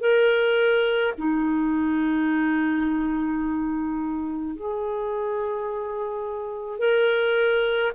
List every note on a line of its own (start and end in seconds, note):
0.00 1.13 A#4
1.17 4.55 D#4
4.55 6.78 G#4
6.78 7.91 A#4